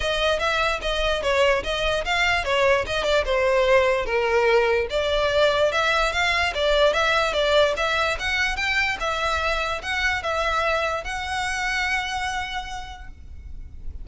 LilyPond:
\new Staff \with { instrumentName = "violin" } { \time 4/4 \tempo 4 = 147 dis''4 e''4 dis''4 cis''4 | dis''4 f''4 cis''4 dis''8 d''8 | c''2 ais'2 | d''2 e''4 f''4 |
d''4 e''4 d''4 e''4 | fis''4 g''4 e''2 | fis''4 e''2 fis''4~ | fis''1 | }